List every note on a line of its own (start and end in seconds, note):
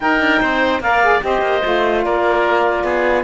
0.00 0.81 D#4
0.00 0.20 D#4
0.00 0.41 A#4
0.00 0.80 G5
0.20 0.40 D4
0.41 0.80 C4
0.41 0.82 C5
0.80 1.20 A#3
0.80 1.02 A#4
0.80 1.23 D5
0.80 1.22 F5
1.02 1.20 G#4
1.20 1.41 C4
1.20 1.60 G4
1.20 2.04 C5
1.20 2.04 D#5
1.41 1.61 A#3
1.62 2.05 A3
1.62 3.23 F4
2.04 2.83 A#3
2.04 2.84 A#4
2.04 3.23 D5
2.83 3.23 B3
2.83 3.23 G#4